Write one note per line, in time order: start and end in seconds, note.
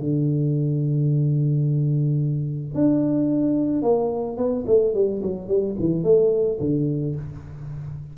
0.00 2.75 D3
2.75 3.83 D4
3.83 4.37 A#3
4.37 4.65 B3
4.67 4.95 A3
4.95 5.22 G3
5.23 5.48 F#3
5.48 5.76 G3
5.80 6.04 E3
6.04 6.59 A3
6.61 7.16 D3